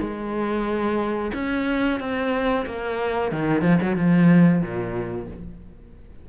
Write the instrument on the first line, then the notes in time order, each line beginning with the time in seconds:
cello
0.00 G#3
1.34 C#4
2.00 C4
2.66 A#3
3.32 D#3
3.62 F3
3.82 F#3
3.97 F3
4.62 A#2